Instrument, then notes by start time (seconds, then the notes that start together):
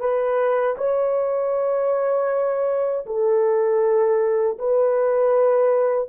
horn
0.00 B4
0.78 C#5
3.06 A4
4.58 B4